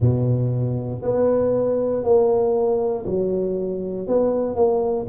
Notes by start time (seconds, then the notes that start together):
0.00 B2
1.02 B3
2.03 A#3
3.06 F#3
4.07 B3
4.55 A#3